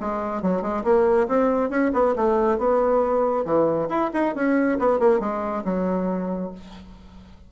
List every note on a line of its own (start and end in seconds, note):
0.00 0.42 G#3
0.42 0.61 F#3
0.61 0.83 G#3
0.84 1.27 A#3
1.28 1.70 C4
1.70 1.92 C#4
1.93 2.15 B3
2.16 2.58 A3
2.58 3.45 B3
3.45 3.89 E3
3.89 4.10 E4
4.13 4.35 D#4
4.35 4.78 C#4
4.79 4.99 B3
4.99 5.20 A#3
5.20 5.63 G#3
5.64 6.51 F#3